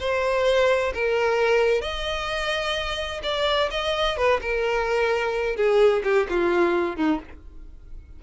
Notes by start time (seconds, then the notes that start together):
0.00 C5
0.94 A#4
1.82 D#5
3.23 D5
3.71 D#5
4.17 B4
4.41 A#4
5.56 G#4
6.04 G4
6.30 F4
6.96 D#4